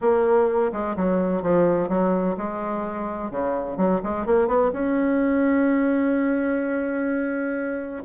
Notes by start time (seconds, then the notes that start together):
0.01 A#3
0.72 G#3
0.96 F#3
1.42 F3
1.88 F#3
2.37 G#3
3.30 C#3
3.77 F#3
4.03 G#3
4.26 A#3
4.47 B3
4.72 C#4